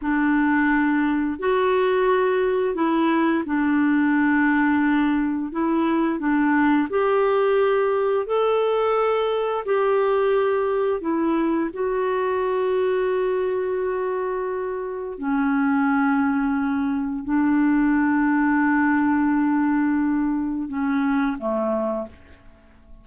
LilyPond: \new Staff \with { instrumentName = "clarinet" } { \time 4/4 \tempo 4 = 87 d'2 fis'2 | e'4 d'2. | e'4 d'4 g'2 | a'2 g'2 |
e'4 fis'2.~ | fis'2 cis'2~ | cis'4 d'2.~ | d'2 cis'4 a4 | }